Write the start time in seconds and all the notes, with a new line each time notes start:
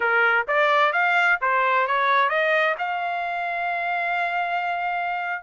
0.00 A#4
0.47 D5
0.92 F5
1.41 C5
1.87 C#5
2.29 D#5
2.78 F5